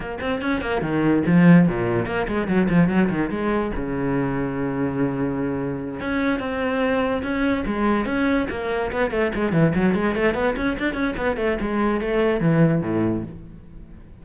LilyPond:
\new Staff \with { instrumentName = "cello" } { \time 4/4 \tempo 4 = 145 ais8 c'8 cis'8 ais8 dis4 f4 | ais,4 ais8 gis8 fis8 f8 fis8 dis8 | gis4 cis2.~ | cis2~ cis8 cis'4 c'8~ |
c'4. cis'4 gis4 cis'8~ | cis'8 ais4 b8 a8 gis8 e8 fis8 | gis8 a8 b8 cis'8 d'8 cis'8 b8 a8 | gis4 a4 e4 a,4 | }